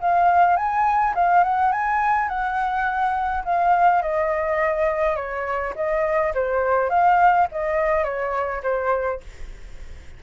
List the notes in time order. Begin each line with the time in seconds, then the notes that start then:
0.00 F5
0.56 G#5
1.15 F5
1.43 F#5
1.72 G#5
2.28 F#5
3.45 F5
4.01 D#5
5.16 C#5
5.75 D#5
6.34 C5
6.89 F5
7.51 D#5
8.04 C#5
8.62 C5